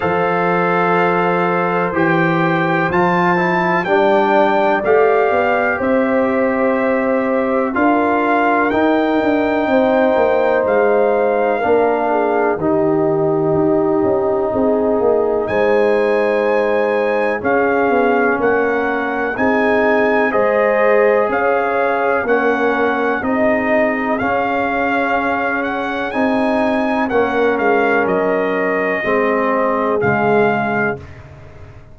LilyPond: <<
  \new Staff \with { instrumentName = "trumpet" } { \time 4/4 \tempo 4 = 62 f''2 g''4 a''4 | g''4 f''4 e''2 | f''4 g''2 f''4~ | f''4 dis''2. |
gis''2 f''4 fis''4 | gis''4 dis''4 f''4 fis''4 | dis''4 f''4. fis''8 gis''4 | fis''8 f''8 dis''2 f''4 | }
  \new Staff \with { instrumentName = "horn" } { \time 4/4 c''1 | d''2 c''2 | ais'2 c''2 | ais'8 gis'8 g'2 gis'4 |
c''2 gis'4 ais'4 | gis'4 c''4 cis''4 ais'4 | gis'1 | ais'2 gis'2 | }
  \new Staff \with { instrumentName = "trombone" } { \time 4/4 a'2 g'4 f'8 e'8 | d'4 g'2. | f'4 dis'2. | d'4 dis'2.~ |
dis'2 cis'2 | dis'4 gis'2 cis'4 | dis'4 cis'2 dis'4 | cis'2 c'4 gis4 | }
  \new Staff \with { instrumentName = "tuba" } { \time 4/4 f2 e4 f4 | g4 a8 b8 c'2 | d'4 dis'8 d'8 c'8 ais8 gis4 | ais4 dis4 dis'8 cis'8 c'8 ais8 |
gis2 cis'8 b8 ais4 | c'4 gis4 cis'4 ais4 | c'4 cis'2 c'4 | ais8 gis8 fis4 gis4 cis4 | }
>>